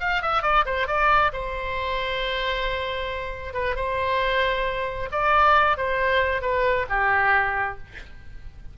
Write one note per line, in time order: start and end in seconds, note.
0.00 0.22 F5
0.22 0.42 E5
0.42 0.65 D5
0.65 0.87 C5
0.87 1.32 D5
1.33 3.53 C5
3.53 3.76 B4
3.76 5.09 C5
5.12 5.77 D5
5.77 6.42 C5
6.42 6.86 B4
6.89 7.78 G4